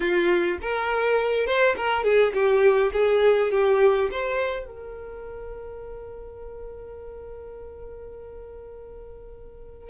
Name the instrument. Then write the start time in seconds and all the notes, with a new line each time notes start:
violin
0.00 F4
0.61 A#4
1.46 C5
1.76 A#4
2.03 G#4
2.33 G4
2.92 G#4
3.51 G4
4.11 C5
4.65 A#4